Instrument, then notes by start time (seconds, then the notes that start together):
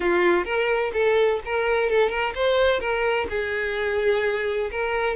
violin
0.00 F4
0.44 A#4
0.93 A4
1.45 A#4
1.89 A4
2.09 A#4
2.34 C5
2.80 A#4
3.29 G#4
4.71 A#4